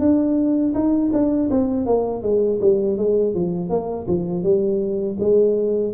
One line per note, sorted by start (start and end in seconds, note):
0.00 0.74 D4
0.75 1.12 D#4
1.13 1.50 D4
1.51 1.87 C4
1.87 2.23 A#3
2.23 2.60 G#3
2.61 2.98 G3
2.98 3.35 G#3
3.35 3.70 F3
3.70 4.07 A#3
4.08 4.43 F3
4.43 5.18 G3
5.20 5.94 G#3